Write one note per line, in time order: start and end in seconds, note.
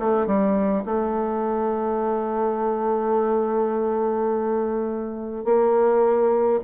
0.00 0.27 A3
0.27 0.85 G3
0.85 5.45 A3
5.45 6.60 A#3